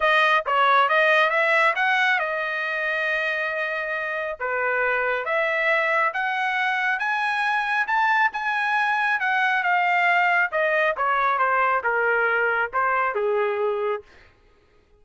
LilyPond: \new Staff \with { instrumentName = "trumpet" } { \time 4/4 \tempo 4 = 137 dis''4 cis''4 dis''4 e''4 | fis''4 dis''2.~ | dis''2 b'2 | e''2 fis''2 |
gis''2 a''4 gis''4~ | gis''4 fis''4 f''2 | dis''4 cis''4 c''4 ais'4~ | ais'4 c''4 gis'2 | }